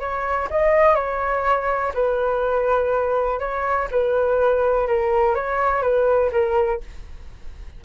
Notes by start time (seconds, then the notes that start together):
0.00 C#5
0.51 D#5
0.95 C#5
1.94 B4
3.40 C#5
3.91 B4
4.88 A#4
5.35 C#5
5.83 B4
6.32 A#4